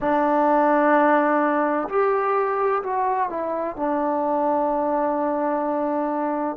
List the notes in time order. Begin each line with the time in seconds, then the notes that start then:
0.00 D4
1.88 G4
2.83 F#4
3.29 E4
3.76 D4